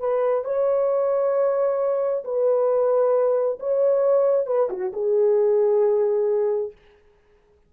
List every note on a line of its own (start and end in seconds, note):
0.00 0.45 B4
0.45 2.24 C#5
2.25 3.59 B4
3.60 4.47 C#5
4.47 4.69 B4
4.70 4.93 F#4
4.93 6.72 G#4